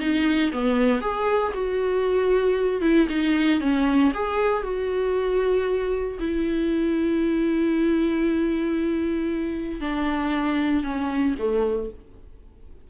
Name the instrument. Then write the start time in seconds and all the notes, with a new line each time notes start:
viola
0.00 D#4
0.52 B3
1.01 G#4
1.54 F#4
2.82 E4
3.09 D#4
3.61 C#4
4.14 G#4
4.63 F#4
6.20 E4
9.81 D4
10.83 C#4
11.39 A3